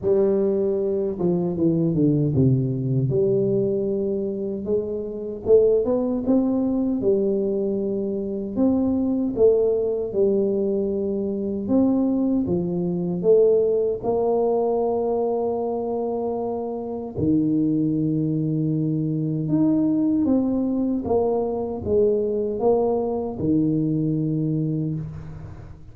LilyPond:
\new Staff \with { instrumentName = "tuba" } { \time 4/4 \tempo 4 = 77 g4. f8 e8 d8 c4 | g2 gis4 a8 b8 | c'4 g2 c'4 | a4 g2 c'4 |
f4 a4 ais2~ | ais2 dis2~ | dis4 dis'4 c'4 ais4 | gis4 ais4 dis2 | }